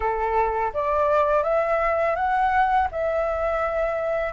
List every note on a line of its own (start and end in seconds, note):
0.00 0.72 A4
0.73 1.43 D5
1.43 2.15 E5
2.15 2.88 F#5
2.91 4.33 E5